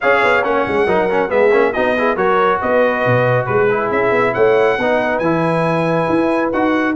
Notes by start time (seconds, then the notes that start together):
0.00 C#4 G#4 C#5 F5
0.23 B3
0.43 A#3 C#4 F#5
0.67 G#3
0.86 F#3 D#4 A#4
1.10 C#4
1.28 G#3 B3 G#4 E5
1.52 A#3 C#4
1.72 B3 D#4 F#4 D#5
1.97 E4 G#4
2.16 F#3 F#4 A#4 C#5
2.60 B3 B4 D#5
3.06 B2
3.45 G#3 G#4 B4
3.70 E4
3.91 C#4 E5
4.11 B3
4.34 A3 C#5 F#5
4.77 B3 D#4 B4
5.18 E3 E4 G#5
6.09 E4
6.52 D#4 F#4 F#5